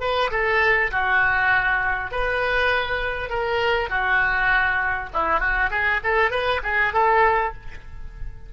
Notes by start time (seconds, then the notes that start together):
0.00 B4
0.31 A4
0.91 F#4
2.11 B4
3.29 A#4
3.89 F#4
5.13 E4
5.40 F#4
5.70 G#4
6.04 A4
6.31 B4
6.63 G#4
6.93 A4